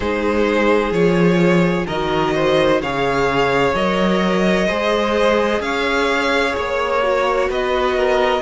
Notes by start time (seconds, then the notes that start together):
0.00 G#3 D#4 G#4 C5
0.91 F3 F4 C#5
1.86 D#3 F#4 A#4 D#5
2.35 C5
2.81 C#3 G#4 C#5 F5
3.73 F#3 A#4 D#5
4.67 G#3 G#4 C5
5.60 C#4 C#5 F5
6.56 A#3 C#5
7.03 F#4
7.49 B3 B4 D#5
7.96 A#4